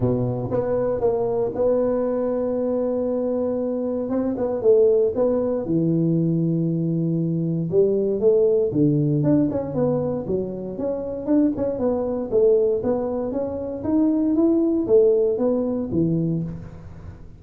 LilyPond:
\new Staff \with { instrumentName = "tuba" } { \time 4/4 \tempo 4 = 117 b,4 b4 ais4 b4~ | b1 | c'8 b8 a4 b4 e4~ | e2. g4 |
a4 d4 d'8 cis'8 b4 | fis4 cis'4 d'8 cis'8 b4 | a4 b4 cis'4 dis'4 | e'4 a4 b4 e4 | }